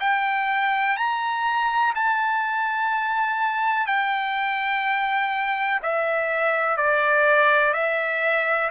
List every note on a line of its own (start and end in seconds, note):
0.00 0.96 G5
0.96 1.93 A#5
1.95 3.86 A5
3.86 5.80 G5
5.82 6.77 E5
6.77 7.73 D5
7.73 8.70 E5